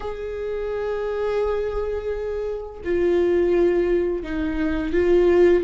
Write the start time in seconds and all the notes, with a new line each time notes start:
0.00 G#4
2.84 F4
4.23 D#4
4.93 F4